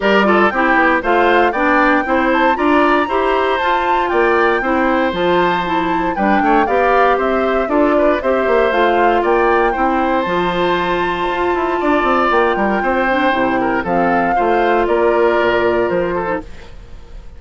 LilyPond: <<
  \new Staff \with { instrumentName = "flute" } { \time 4/4 \tempo 4 = 117 d''4 g''4 f''4 g''4~ | g''8 a''8 ais''2 a''4 | g''2 a''2 | g''4 f''4 e''4 d''4 |
e''4 f''4 g''2 | a''1 | g''2. f''4~ | f''4 d''2 c''4 | }
  \new Staff \with { instrumentName = "oboe" } { \time 4/4 ais'8 a'8 g'4 c''4 d''4 | c''4 d''4 c''2 | d''4 c''2. | b'8 cis''8 d''4 c''4 a'8 b'8 |
c''2 d''4 c''4~ | c''2. d''4~ | d''8 ais'8 c''4. ais'8 a'4 | c''4 ais'2~ ais'8 a'8 | }
  \new Staff \with { instrumentName = "clarinet" } { \time 4/4 g'8 f'8 e'4 f'4 d'4 | e'4 f'4 g'4 f'4~ | f'4 e'4 f'4 e'4 | d'4 g'2 f'4 |
g'4 f'2 e'4 | f'1~ | f'4. d'8 e'4 c'4 | f'2.~ f'8. dis'16 | }
  \new Staff \with { instrumentName = "bassoon" } { \time 4/4 g4 c'8 b8 a4 b4 | c'4 d'4 e'4 f'4 | ais4 c'4 f2 | g8 a8 b4 c'4 d'4 |
c'8 ais8 a4 ais4 c'4 | f2 f'8 e'8 d'8 c'8 | ais8 g8 c'4 c4 f4 | a4 ais4 ais,4 f4 | }
>>